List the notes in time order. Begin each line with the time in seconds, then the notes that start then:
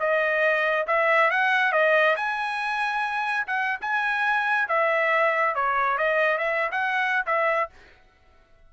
0.00 D#5
0.87 E5
1.31 F#5
1.73 D#5
2.16 G#5
3.47 F#5
3.81 G#5
4.69 E5
5.55 C#5
5.98 D#5
6.38 E5
6.72 F#5
7.26 E5